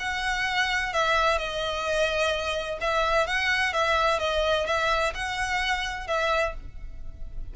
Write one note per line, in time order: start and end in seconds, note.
0.00 0.94 F#5
0.94 1.38 E5
1.38 2.79 D#5
2.81 3.27 E5
3.27 3.74 F#5
3.74 4.20 E5
4.20 4.67 D#5
4.67 5.13 E5
5.15 6.07 F#5
6.07 6.54 E5